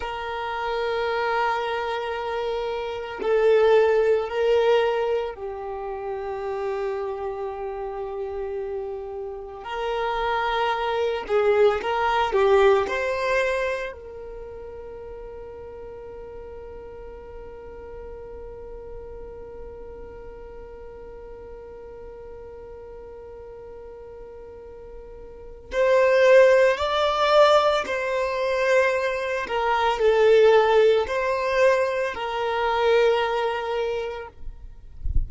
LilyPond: \new Staff \with { instrumentName = "violin" } { \time 4/4 \tempo 4 = 56 ais'2. a'4 | ais'4 g'2.~ | g'4 ais'4. gis'8 ais'8 g'8 | c''4 ais'2.~ |
ais'1~ | ais'1 | c''4 d''4 c''4. ais'8 | a'4 c''4 ais'2 | }